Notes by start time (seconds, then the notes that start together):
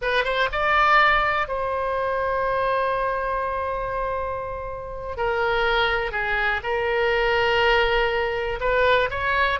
0.01 B4
0.24 C5
0.51 D5
1.48 C5
5.16 A#4
6.11 G#4
6.63 A#4
8.60 B4
9.10 C#5